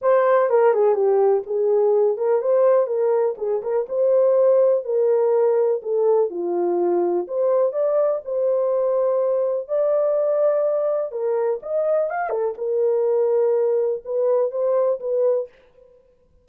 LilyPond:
\new Staff \with { instrumentName = "horn" } { \time 4/4 \tempo 4 = 124 c''4 ais'8 gis'8 g'4 gis'4~ | gis'8 ais'8 c''4 ais'4 gis'8 ais'8 | c''2 ais'2 | a'4 f'2 c''4 |
d''4 c''2. | d''2. ais'4 | dis''4 f''8 a'8 ais'2~ | ais'4 b'4 c''4 b'4 | }